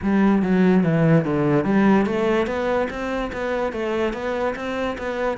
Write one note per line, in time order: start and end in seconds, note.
0.02 0.42 G3
0.42 0.83 F#3
0.83 1.24 E3
1.24 1.64 D3
1.64 2.05 G3
2.05 2.46 A3
2.46 2.88 B3
2.90 3.31 C4
3.32 3.72 B3
3.72 4.13 A3
4.13 4.54 B3
4.55 4.97 C4
4.97 5.37 B3